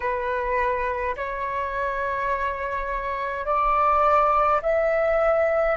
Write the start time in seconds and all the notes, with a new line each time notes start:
0.00 B4
1.16 C#5
3.45 D5
4.62 E5